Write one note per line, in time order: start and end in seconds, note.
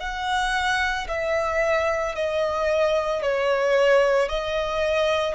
0.00 1.07 F#5
1.09 2.15 E5
2.15 3.22 D#5
3.23 4.29 C#5
4.29 5.35 D#5